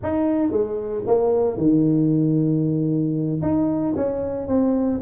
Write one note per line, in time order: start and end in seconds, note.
0.02 0.51 D#4
0.51 1.04 G#3
1.06 1.57 A#3
1.57 3.41 D#3
3.42 3.94 D#4
3.95 4.47 C#4
4.47 5.00 C4